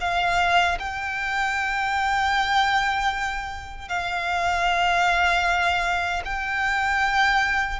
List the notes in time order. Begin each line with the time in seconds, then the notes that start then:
0.00 F5
0.79 G5
3.88 F5
6.24 G5